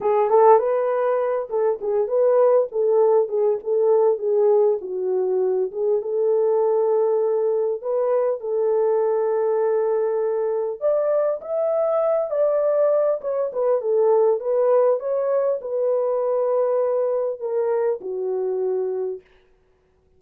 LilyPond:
\new Staff \with { instrumentName = "horn" } { \time 4/4 \tempo 4 = 100 gis'8 a'8 b'4. a'8 gis'8 b'8~ | b'8 a'4 gis'8 a'4 gis'4 | fis'4. gis'8 a'2~ | a'4 b'4 a'2~ |
a'2 d''4 e''4~ | e''8 d''4. cis''8 b'8 a'4 | b'4 cis''4 b'2~ | b'4 ais'4 fis'2 | }